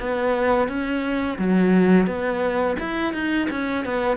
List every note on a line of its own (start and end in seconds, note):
0.00 0.68 B3
0.68 1.38 C#4
1.39 2.07 F#3
2.07 2.77 B3
2.80 3.14 E4
3.14 3.49 D#4
3.50 3.85 C#4
3.85 4.17 B3